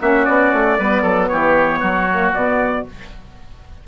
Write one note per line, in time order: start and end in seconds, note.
0.00 0.27 A#3
0.00 0.78 C#4
0.00 0.78 F#4
0.00 0.25 E5
0.25 0.53 B3
0.25 1.28 D5
0.53 0.79 A3
0.78 1.03 G3
0.78 2.09 B3
0.78 1.02 B4
1.02 1.29 F#3
1.02 1.28 A4
1.28 1.82 E3
1.28 1.80 G4
1.28 2.33 C#5
1.80 2.34 F#3
1.80 2.84 F#4
2.11 2.35 A#3
2.34 2.86 B2
2.34 2.87 B3
2.34 2.87 D5